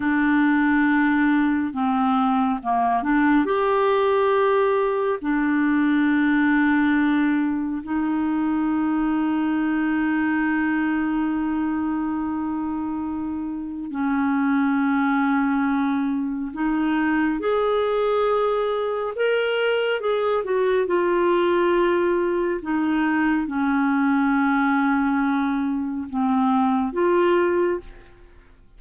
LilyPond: \new Staff \with { instrumentName = "clarinet" } { \time 4/4 \tempo 4 = 69 d'2 c'4 ais8 d'8 | g'2 d'2~ | d'4 dis'2.~ | dis'1 |
cis'2. dis'4 | gis'2 ais'4 gis'8 fis'8 | f'2 dis'4 cis'4~ | cis'2 c'4 f'4 | }